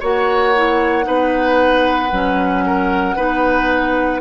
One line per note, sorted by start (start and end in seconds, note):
0.00 1.07 A#3
0.00 0.54 F#4
0.00 1.05 C#5
0.00 4.21 F#5
0.56 1.03 E4
1.03 2.12 B3
1.03 2.09 D#4
1.03 2.65 B4
2.12 3.17 F#3
2.12 3.17 C#4
2.66 3.16 A#4
3.16 4.21 B3
3.16 4.21 D#4
3.16 4.21 B4